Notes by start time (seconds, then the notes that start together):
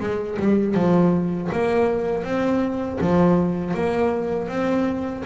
0.00 G#3
0.39 G3
0.75 F3
1.52 A#3
2.24 C4
3.00 F3
3.74 A#3
4.48 C4